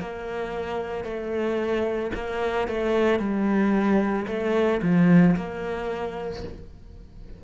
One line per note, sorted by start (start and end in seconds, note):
0.00 1.04 A#3
1.04 2.11 A3
2.14 2.67 A#3
2.67 3.19 A3
3.19 4.26 G3
4.28 4.81 A3
4.82 5.36 F3
5.36 6.43 A#3